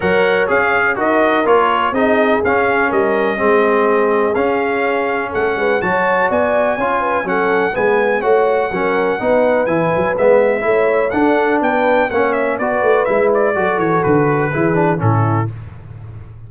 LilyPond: <<
  \new Staff \with { instrumentName = "trumpet" } { \time 4/4 \tempo 4 = 124 fis''4 f''4 dis''4 cis''4 | dis''4 f''4 dis''2~ | dis''4 f''2 fis''4 | a''4 gis''2 fis''4 |
gis''4 fis''2. | gis''4 e''2 fis''4 | g''4 fis''8 e''8 d''4 e''8 d''8~ | d''8 cis''8 b'2 a'4 | }
  \new Staff \with { instrumentName = "horn" } { \time 4/4 cis''2 ais'2 | gis'2 ais'4 gis'4~ | gis'2. a'8 b'8 | cis''4 d''4 cis''8 b'8 a'4 |
b'4 cis''4 ais'4 b'4~ | b'2 cis''4 a'4 | b'4 cis''4 b'2 | a'2 gis'4 e'4 | }
  \new Staff \with { instrumentName = "trombone" } { \time 4/4 ais'4 gis'4 fis'4 f'4 | dis'4 cis'2 c'4~ | c'4 cis'2. | fis'2 f'4 cis'4 |
b4 fis'4 cis'4 dis'4 | e'4 b4 e'4 d'4~ | d'4 cis'4 fis'4 e'4 | fis'2 e'8 d'8 cis'4 | }
  \new Staff \with { instrumentName = "tuba" } { \time 4/4 fis4 cis'4 dis'4 ais4 | c'4 cis'4 g4 gis4~ | gis4 cis'2 a8 gis8 | fis4 b4 cis'4 fis4 |
gis4 a4 fis4 b4 | e8 fis8 gis4 a4 d'4 | b4 ais4 b8 a8 gis4 | fis8 e8 d4 e4 a,4 | }
>>